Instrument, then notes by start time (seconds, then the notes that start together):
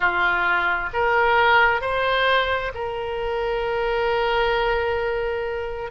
oboe
0.00 F4
0.93 A#4
1.81 C5
2.74 A#4